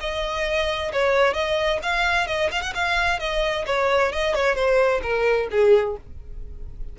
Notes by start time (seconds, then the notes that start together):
0.00 D#5
0.92 C#5
1.33 D#5
1.82 F5
2.27 D#5
2.51 F5
2.61 F#5
2.74 F5
3.19 D#5
3.66 C#5
4.12 D#5
4.34 C#5
4.55 C5
5.02 A#4
5.51 G#4